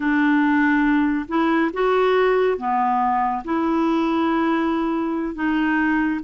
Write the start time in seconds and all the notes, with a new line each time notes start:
0.00 D4
1.28 E4
1.73 F#4
2.57 B3
3.44 E4
5.34 D#4